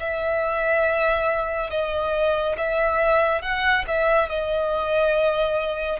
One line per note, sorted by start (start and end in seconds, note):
0.00 1.70 E5
1.70 2.56 D#5
2.58 3.42 E5
3.42 3.85 F#5
3.88 4.29 E5
4.29 6.00 D#5